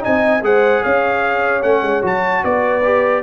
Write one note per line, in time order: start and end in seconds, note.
0.00 0.40 D#4
0.00 0.44 D#5
0.00 0.44 G#5
0.07 0.42 C4
0.42 0.82 G#3
0.42 1.63 G#4
0.42 0.83 C5
0.42 0.84 F#5
0.83 1.63 C#4
0.83 2.43 C#5
0.83 1.63 F5
1.63 1.82 A3
1.63 2.02 C#4
1.63 2.03 F#5
1.82 2.02 G#3
2.02 2.44 F#3
2.02 2.82 F#4
2.02 2.44 A5
2.44 3.23 B3
2.44 3.23 B4
2.44 3.23 D5
2.84 3.23 G4